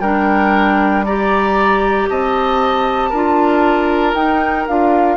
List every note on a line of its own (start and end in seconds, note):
0.00 2.07 G3
0.00 1.06 D4
0.00 1.05 A#4
0.00 1.03 G5
1.04 3.14 G4
1.04 2.09 D5
1.04 2.08 A#5
2.09 3.12 C4
2.09 3.09 D#5
2.09 4.15 A5
3.09 4.14 D4
3.09 4.15 F4
3.09 5.16 A#4
4.14 4.65 D#4
4.14 4.67 D#4
4.14 4.66 G5
4.67 5.17 D4
4.67 5.17 F4
4.67 5.17 F5